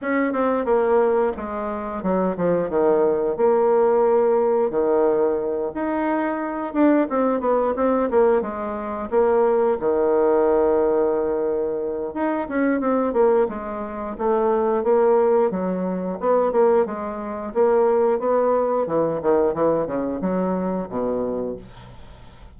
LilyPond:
\new Staff \with { instrumentName = "bassoon" } { \time 4/4 \tempo 4 = 89 cis'8 c'8 ais4 gis4 fis8 f8 | dis4 ais2 dis4~ | dis8 dis'4. d'8 c'8 b8 c'8 | ais8 gis4 ais4 dis4.~ |
dis2 dis'8 cis'8 c'8 ais8 | gis4 a4 ais4 fis4 | b8 ais8 gis4 ais4 b4 | e8 dis8 e8 cis8 fis4 b,4 | }